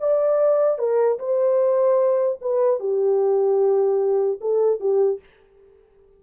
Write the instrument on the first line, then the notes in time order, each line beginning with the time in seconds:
horn
0.00 D5
0.78 A#4
1.19 C5
2.41 B4
2.79 G4
4.41 A4
4.80 G4